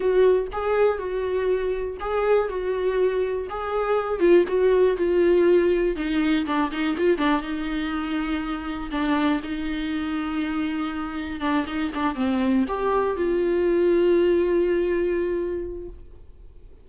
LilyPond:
\new Staff \with { instrumentName = "viola" } { \time 4/4 \tempo 4 = 121 fis'4 gis'4 fis'2 | gis'4 fis'2 gis'4~ | gis'8 f'8 fis'4 f'2 | dis'4 d'8 dis'8 f'8 d'8 dis'4~ |
dis'2 d'4 dis'4~ | dis'2. d'8 dis'8 | d'8 c'4 g'4 f'4.~ | f'1 | }